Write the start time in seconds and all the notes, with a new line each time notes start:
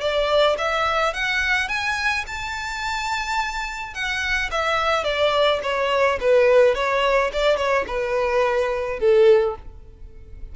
0.00 D5
0.58 E5
1.13 F#5
1.68 G#5
2.27 A5
3.94 F#5
4.51 E5
5.04 D5
5.62 C#5
6.20 B4
6.75 C#5
7.33 D5
7.56 C#5
7.87 B4
8.99 A4